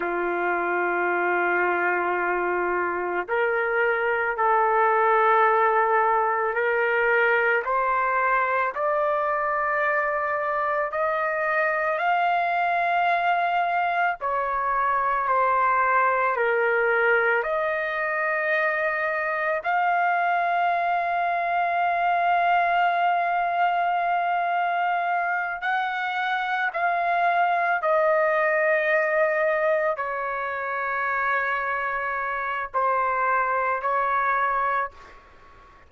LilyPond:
\new Staff \with { instrumentName = "trumpet" } { \time 4/4 \tempo 4 = 55 f'2. ais'4 | a'2 ais'4 c''4 | d''2 dis''4 f''4~ | f''4 cis''4 c''4 ais'4 |
dis''2 f''2~ | f''2.~ f''8 fis''8~ | fis''8 f''4 dis''2 cis''8~ | cis''2 c''4 cis''4 | }